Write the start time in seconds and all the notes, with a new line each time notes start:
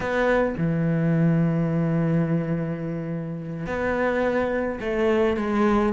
0.00 B3
0.57 E3
3.66 B3
4.80 A3
5.36 G#3